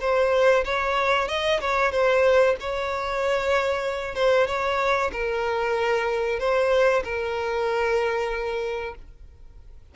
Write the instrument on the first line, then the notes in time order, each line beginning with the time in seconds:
violin
0.00 C5
0.64 C#5
1.28 D#5
1.60 C#5
1.91 C5
2.60 C#5
4.15 C5
4.47 C#5
5.12 A#4
6.39 C5
7.03 A#4